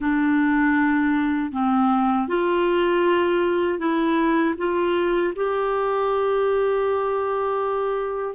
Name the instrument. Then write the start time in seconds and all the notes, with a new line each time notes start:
clarinet
0.00 D4
1.52 C4
2.28 F4
3.78 E4
4.57 F4
5.35 G4